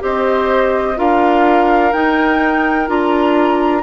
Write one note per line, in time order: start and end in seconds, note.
0.00 0.98 C4
0.00 0.95 G4
0.00 0.98 C5
0.00 0.99 D#5
0.96 1.94 D4
0.96 1.91 F4
0.96 3.83 A#4
0.96 1.93 F5
1.93 2.88 D#4
1.93 2.89 D#4
1.93 2.88 G5
2.88 3.83 D4
2.88 3.83 F4
2.88 3.83 A#5